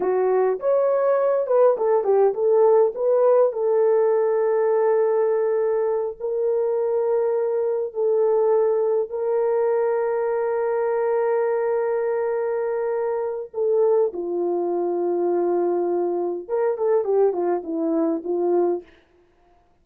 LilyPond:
\new Staff \with { instrumentName = "horn" } { \time 4/4 \tempo 4 = 102 fis'4 cis''4. b'8 a'8 g'8 | a'4 b'4 a'2~ | a'2~ a'8 ais'4.~ | ais'4. a'2 ais'8~ |
ais'1~ | ais'2. a'4 | f'1 | ais'8 a'8 g'8 f'8 e'4 f'4 | }